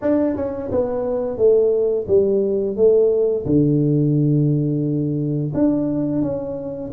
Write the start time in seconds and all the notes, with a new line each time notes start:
0.01 D4
0.36 C#4
0.71 B3
1.37 A3
2.07 G3
2.76 A3
3.45 D3
5.54 D4
6.21 C#4